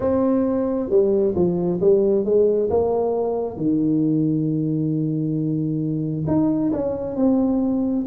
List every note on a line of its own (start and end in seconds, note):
0.00 0.89 C4
0.89 1.34 G3
1.35 1.80 F3
1.81 2.24 G3
2.24 2.69 G#3
2.70 3.57 A#3
3.57 6.25 D#3
6.27 6.72 D#4
6.72 7.16 C#4
7.16 8.05 C4